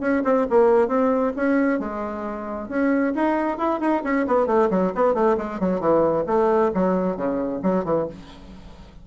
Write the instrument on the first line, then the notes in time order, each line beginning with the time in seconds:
bassoon
0.00 C#4
0.24 C4
0.50 A#3
0.88 C4
1.36 C#4
1.79 G#3
2.68 C#4
3.15 D#4
3.57 E4
3.80 D#4
4.04 C#4
4.27 B3
4.47 A3
4.70 F#3
4.95 B3
5.14 A3
5.37 G#3
5.59 F#3
5.80 E3
6.26 A3
6.74 F#3
7.16 C#3
7.62 F#3
7.84 E3